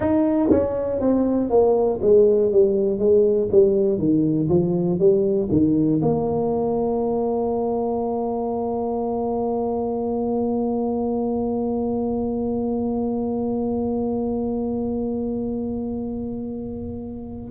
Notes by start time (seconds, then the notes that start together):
0.00 D#4
0.50 C#4
1.00 C4
1.50 A#3
2.02 G#3
2.52 G3
2.98 G#3
3.51 G3
3.98 D#3
4.49 F3
4.99 G3
5.51 D#3
6.02 A#3